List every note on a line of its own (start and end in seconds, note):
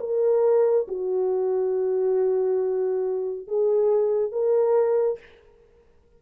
0.00 0.87 A#4
0.88 3.47 F#4
3.47 4.32 G#4
4.32 5.19 A#4